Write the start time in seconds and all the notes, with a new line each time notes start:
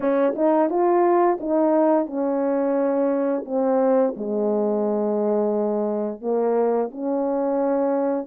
0.00 C#4
0.35 D#4
0.69 F4
1.40 D#4
2.06 C#4
3.45 C4
4.16 G#3
6.21 A#3
6.91 C#4